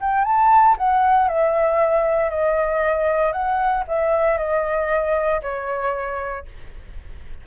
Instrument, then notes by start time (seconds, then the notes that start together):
flute
0.00 G5
0.24 A5
0.78 F#5
1.28 E5
2.30 D#5
3.32 F#5
3.87 E5
4.37 D#5
5.42 C#5